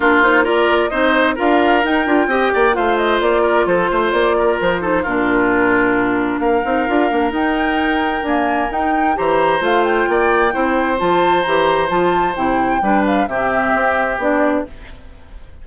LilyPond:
<<
  \new Staff \with { instrumentName = "flute" } { \time 4/4 \tempo 4 = 131 ais'8 c''8 d''4 dis''4 f''4 | g''2 f''8 dis''8 d''4 | c''4 d''4 c''4 ais'4~ | ais'2 f''2 |
g''2 gis''4 g''4 | ais''4 f''8 g''2~ g''8 | a''4 ais''4 a''4 g''4~ | g''8 f''8 e''2 d''4 | }
  \new Staff \with { instrumentName = "oboe" } { \time 4/4 f'4 ais'4 c''4 ais'4~ | ais'4 dis''8 d''8 c''4. ais'8 | a'8 c''4 ais'4 a'8 f'4~ | f'2 ais'2~ |
ais'1 | c''2 d''4 c''4~ | c''1 | b'4 g'2. | }
  \new Staff \with { instrumentName = "clarinet" } { \time 4/4 d'8 dis'8 f'4 dis'4 f'4 | dis'8 f'8 g'4 f'2~ | f'2~ f'8 dis'8 d'4~ | d'2~ d'8 dis'8 f'8 d'8 |
dis'2 ais4 dis'4 | g'4 f'2 e'4 | f'4 g'4 f'4 e'4 | d'4 c'2 d'4 | }
  \new Staff \with { instrumentName = "bassoon" } { \time 4/4 ais2 c'4 d'4 | dis'8 d'8 c'8 ais8 a4 ais4 | f8 a8 ais4 f4 ais,4~ | ais,2 ais8 c'8 d'8 ais8 |
dis'2 d'4 dis'4 | e4 a4 ais4 c'4 | f4 e4 f4 c4 | g4 c4 c'4 b4 | }
>>